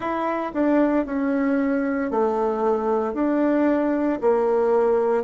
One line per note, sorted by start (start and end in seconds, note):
0.00 0.52 E4
0.53 1.05 D4
1.05 2.11 C#4
2.11 3.13 A3
3.13 4.19 D4
4.21 5.23 A#3